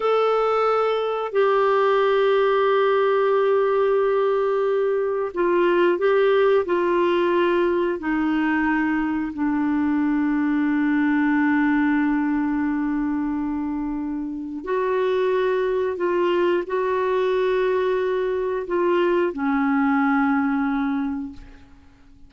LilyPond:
\new Staff \with { instrumentName = "clarinet" } { \time 4/4 \tempo 4 = 90 a'2 g'2~ | g'1 | f'4 g'4 f'2 | dis'2 d'2~ |
d'1~ | d'2 fis'2 | f'4 fis'2. | f'4 cis'2. | }